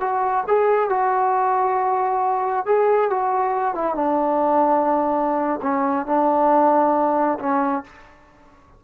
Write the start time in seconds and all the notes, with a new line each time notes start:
0.00 F#4
0.47 G#4
0.89 F#4
2.66 G#4
3.10 F#4
3.75 E4
3.95 D4
5.62 C#4
6.06 D4
7.39 C#4